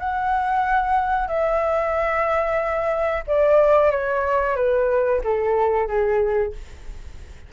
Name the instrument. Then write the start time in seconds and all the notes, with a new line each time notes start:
flute
0.00 F#5
1.28 E5
3.27 D5
3.91 C#5
4.56 B4
5.24 A4
5.88 G#4